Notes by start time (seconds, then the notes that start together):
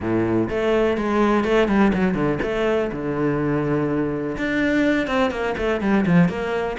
0.00 A2
0.49 A3
0.97 G#3
1.44 A3
1.67 G3
1.93 F#3
2.14 D3
2.42 A3
2.91 D3
4.37 D4
5.07 C4
5.30 A#3
5.57 A3
5.80 G3
6.06 F3
6.28 A#3